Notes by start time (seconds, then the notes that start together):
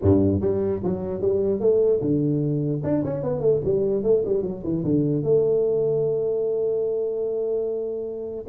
0.01 G2
0.40 G3
0.83 F#3
1.21 G3
1.60 A3
2.01 D3
2.83 D4
3.04 C#4
3.23 B3
3.40 A3
3.64 G3
4.03 A3
4.25 G3
4.42 F#3
4.63 E3
4.84 D3
5.23 A3